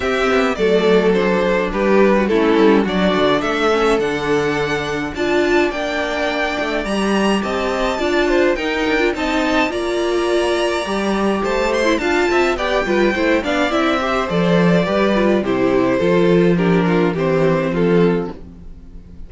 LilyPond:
<<
  \new Staff \with { instrumentName = "violin" } { \time 4/4 \tempo 4 = 105 e''4 d''4 c''4 b'4 | a'4 d''4 e''4 fis''4~ | fis''4 a''4 g''2 | ais''4 a''2 g''4 |
a''4 ais''2. | a''8 c'''8 a''4 g''4. f''8 | e''4 d''2 c''4~ | c''4 ais'4 c''4 a'4 | }
  \new Staff \with { instrumentName = "violin" } { \time 4/4 g'4 a'2 g'8. fis'16 | e'4 fis'4 a'2~ | a'4 d''2.~ | d''4 dis''4 d''8 c''8 ais'4 |
dis''4 d''2. | c''4 f''8 e''8 d''8 b'8 c''8 d''8~ | d''8 c''4. b'4 g'4 | a'4 g'8 f'8 g'4 f'4 | }
  \new Staff \with { instrumentName = "viola" } { \time 4/4 c'4 a4 d'2 | cis'4 d'4. cis'8 d'4~ | d'4 f'4 d'2 | g'2 f'4 dis'8. f'16 |
dis'4 f'2 g'4~ | g'8. e'16 f'4 g'8 f'8 e'8 d'8 | e'8 g'8 a'4 g'8 f'8 e'4 | f'4 d'4 c'2 | }
  \new Staff \with { instrumentName = "cello" } { \time 4/4 c'8 b8 fis2 g4 | a8 g8 fis8 d8 a4 d4~ | d4 d'4 ais4. a8 | g4 c'4 d'4 dis'8 d'8 |
c'4 ais2 g4 | a4 d'8 c'8 b8 g8 a8 b8 | c'4 f4 g4 c4 | f2 e4 f4 | }
>>